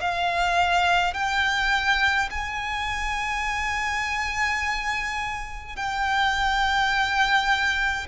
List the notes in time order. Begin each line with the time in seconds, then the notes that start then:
0.00 F5
1.14 G5
2.30 G#5
5.76 G5